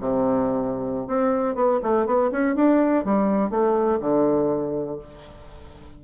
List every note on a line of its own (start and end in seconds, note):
0.00 1.08 C3
1.08 1.55 C4
1.55 1.80 B3
1.83 2.06 A3
2.06 2.31 B3
2.31 2.55 C#4
2.55 3.04 D4
3.05 3.50 G3
3.50 3.99 A3
4.00 4.99 D3